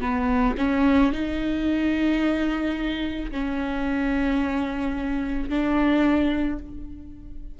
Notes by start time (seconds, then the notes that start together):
0.00 B3
0.58 C#4
1.12 D#4
3.31 C#4
5.49 D4